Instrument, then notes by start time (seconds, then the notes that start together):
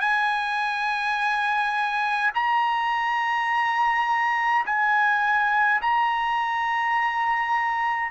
trumpet
0.00 G#5
2.34 A#5
4.65 G#5
5.81 A#5